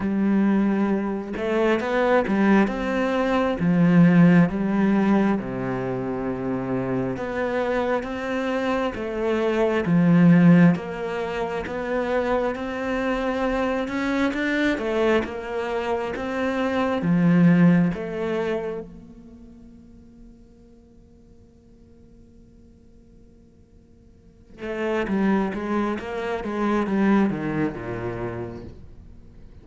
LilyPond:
\new Staff \with { instrumentName = "cello" } { \time 4/4 \tempo 4 = 67 g4. a8 b8 g8 c'4 | f4 g4 c2 | b4 c'4 a4 f4 | ais4 b4 c'4. cis'8 |
d'8 a8 ais4 c'4 f4 | a4 ais2.~ | ais2.~ ais8 a8 | g8 gis8 ais8 gis8 g8 dis8 ais,4 | }